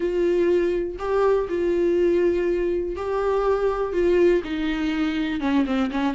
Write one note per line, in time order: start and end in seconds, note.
0.00 0.97 F4
0.98 1.48 G4
1.49 2.96 F4
2.96 3.92 G4
3.92 4.42 F4
4.44 5.40 D#4
5.40 5.65 C#4
5.66 5.90 C4
5.90 6.14 C#4